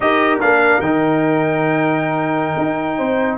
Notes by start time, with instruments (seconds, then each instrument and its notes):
0.00 tuba D#4, trombone G4, horn A#4, trumpet D#5
0.40 tuba A#3, trombone D4, trumpet F5
0.79 tuba D#3, trombone D#4, trumpet G5
2.58 tuba D#4
2.97 tuba C4, horn C5